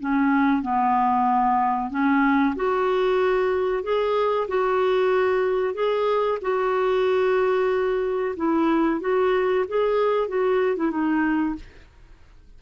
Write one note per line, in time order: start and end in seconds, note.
0.00 0.62 C#4
0.62 1.90 B3
1.90 2.55 C#4
2.55 3.83 F#4
3.83 4.47 G#4
4.48 5.74 F#4
5.74 6.38 G#4
6.41 8.35 F#4
8.36 9.00 E4
9.00 9.65 F#4
9.68 10.28 G#4
10.28 10.76 F#4
10.76 10.91 E4
10.91 11.55 D#4